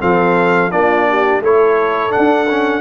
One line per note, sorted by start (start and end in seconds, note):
0.00 0.72 F3
0.00 0.71 C4
0.00 0.72 A4
0.00 0.71 F5
0.71 1.40 A#3
0.71 1.42 D4
0.71 1.09 F4
0.71 1.42 D5
1.09 1.43 G4
1.40 2.11 A3
1.40 2.10 E4
1.40 2.81 A4
1.40 2.12 C#5
2.10 2.46 D4
2.10 2.81 F#5
2.18 2.81 D4
2.50 2.81 C#4